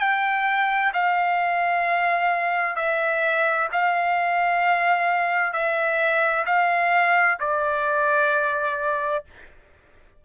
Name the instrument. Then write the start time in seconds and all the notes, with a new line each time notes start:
trumpet
0.00 G5
0.93 F5
2.76 E5
3.72 F5
5.53 E5
6.46 F5
7.40 D5